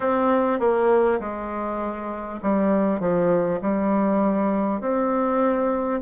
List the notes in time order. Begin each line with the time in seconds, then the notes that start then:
0.00 C4
0.59 A#3
1.20 G#3
2.42 G3
3.00 F3
3.61 G3
4.81 C4